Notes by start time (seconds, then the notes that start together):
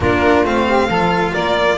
0.00 A#3 D4 F4 A#4
0.44 A3 C4 F5
0.66 G4
0.88 F3 F4 A4
1.31 A#3 A#4 D5